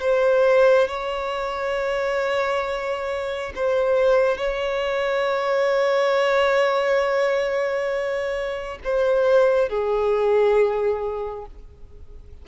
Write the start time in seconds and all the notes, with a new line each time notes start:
0.00 C5
0.88 C#5
3.56 C5
4.38 C#5
8.84 C5
9.69 G#4